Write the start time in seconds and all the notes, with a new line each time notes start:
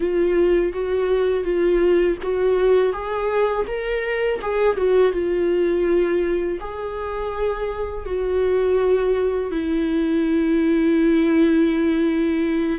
0.00 F4
0.73 F#4
1.44 F4
2.22 F#4
2.92 G#4
3.67 A#4
4.41 G#4
4.76 F#4
5.12 F4
6.60 G#4
8.05 F#4
9.51 E4